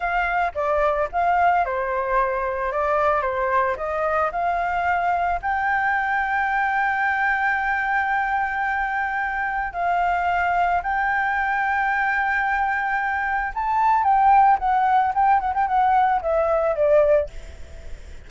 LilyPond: \new Staff \with { instrumentName = "flute" } { \time 4/4 \tempo 4 = 111 f''4 d''4 f''4 c''4~ | c''4 d''4 c''4 dis''4 | f''2 g''2~ | g''1~ |
g''2 f''2 | g''1~ | g''4 a''4 g''4 fis''4 | g''8 fis''16 g''16 fis''4 e''4 d''4 | }